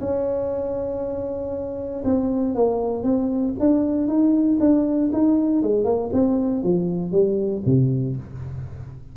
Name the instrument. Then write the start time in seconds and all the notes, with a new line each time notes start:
tuba
0.00 C#4
2.05 C4
2.55 A#3
3.03 C4
3.60 D4
4.07 D#4
4.60 D4
5.13 D#4
5.63 G#3
5.85 A#3
6.13 C4
6.64 F3
7.12 G3
7.66 C3